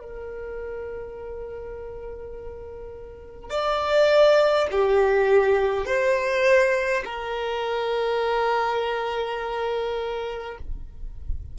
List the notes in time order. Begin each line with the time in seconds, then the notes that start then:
0.00 A#4
3.50 D5
4.72 G4
5.86 C5
7.05 A#4